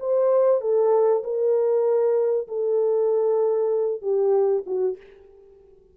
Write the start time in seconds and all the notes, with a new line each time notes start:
0.00 C5
0.61 A4
1.24 A#4
2.48 A4
4.02 G4
4.66 F#4